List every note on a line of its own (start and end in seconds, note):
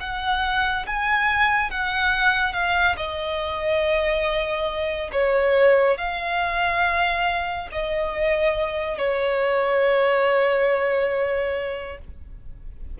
0.00 0.86 F#5
0.86 1.70 G#5
1.70 2.53 F#5
2.53 2.96 F5
2.96 5.10 D#5
5.12 5.97 C#5
5.97 7.69 F5
7.71 8.98 D#5
8.98 11.98 C#5